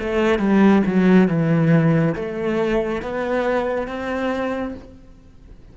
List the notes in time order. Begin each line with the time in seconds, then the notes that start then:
0.00 A3
0.40 G3
0.87 F#3
1.28 E3
2.15 A3
3.03 B3
3.88 C4